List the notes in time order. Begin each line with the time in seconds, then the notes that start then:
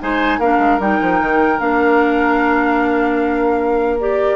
0.00 G#3 D#4 C5 G#5
0.39 A#3 D4 A#4 F5
0.58 G#3
0.79 G3 D#4 G5
1.01 F3
1.20 D#3
1.59 A#3 D4 F5
3.99 G4 D5